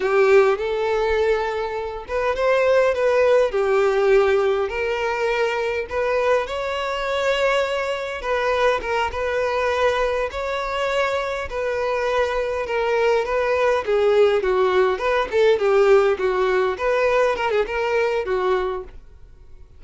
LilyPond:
\new Staff \with { instrumentName = "violin" } { \time 4/4 \tempo 4 = 102 g'4 a'2~ a'8 b'8 | c''4 b'4 g'2 | ais'2 b'4 cis''4~ | cis''2 b'4 ais'8 b'8~ |
b'4. cis''2 b'8~ | b'4. ais'4 b'4 gis'8~ | gis'8 fis'4 b'8 a'8 g'4 fis'8~ | fis'8 b'4 ais'16 gis'16 ais'4 fis'4 | }